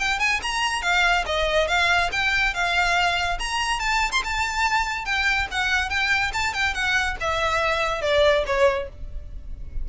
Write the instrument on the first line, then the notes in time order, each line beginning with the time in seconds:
violin
0.00 G5
0.20 G#5
0.43 A#5
0.82 F5
1.26 D#5
1.68 F5
2.12 G5
2.54 F5
3.40 A#5
3.80 A5
4.12 C6
4.25 A5
5.06 G5
5.51 F#5
5.90 G5
6.34 A5
6.54 G5
6.75 F#5
7.21 E5
8.02 D5
8.47 C#5